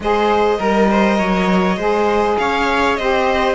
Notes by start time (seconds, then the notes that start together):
0.00 G#3 G#4 C5 D#5
0.57 G3 A#4
0.91 C5
1.18 F#3 C#5
1.76 G#3 G#4 C5
2.37 C#4 C#5 F5
2.96 C4 G4 C5 D#5